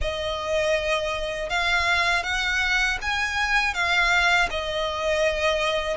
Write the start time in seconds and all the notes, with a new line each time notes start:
0.01 D#5
1.49 F5
2.23 F#5
3.01 G#5
3.74 F5
4.50 D#5